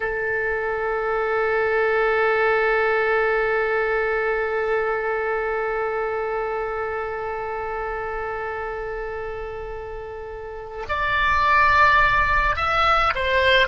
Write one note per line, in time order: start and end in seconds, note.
0.00 10.86 A4
10.88 12.56 D5
12.56 13.13 E5
13.15 13.67 C5